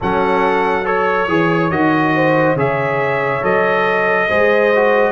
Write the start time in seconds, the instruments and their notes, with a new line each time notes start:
0.00 tuba F#3, trombone C#4, horn A4, trumpet F#5
0.84 trombone A4, horn C#5, trumpet C#5
1.27 tuba E3, trombone G#4
1.70 tuba D#3, trombone F#4, trumpet D#5
2.15 horn C5
2.55 tuba C#3, trombone G#4, horn C#5, trumpet E5
3.42 tuba F#3, trombone A4, trumpet D#5
4.28 tuba G#3, trombone G#4, horn C5
4.75 trombone F#4